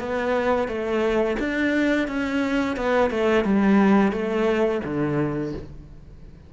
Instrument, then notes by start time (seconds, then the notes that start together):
cello
0.00 B3
0.68 A3
1.40 D4
2.08 C#4
2.77 B3
3.11 A3
3.45 G3
4.12 A3
4.85 D3